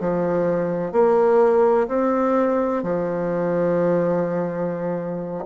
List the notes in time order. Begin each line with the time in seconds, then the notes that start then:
0.00 F3
0.92 A#3
1.87 C4
2.83 F3